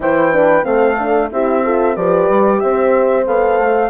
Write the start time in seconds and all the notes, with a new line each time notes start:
0.00 E3 E4 C5 G5
0.32 D4 B4
0.62 A3 C4 A4 F5
0.98 D4
1.31 C4 E4 G4 E5
1.63 F4 A4
1.95 F3 G4 B4 D5
2.29 G3
2.59 C4 C5 E5
3.25 B3 A4 F5
3.59 A3